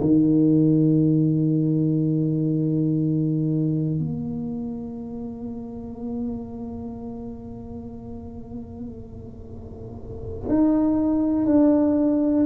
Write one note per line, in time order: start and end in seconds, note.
0.00 3.99 D#3
3.99 10.49 A#3
10.49 11.46 D#4
11.46 12.46 D4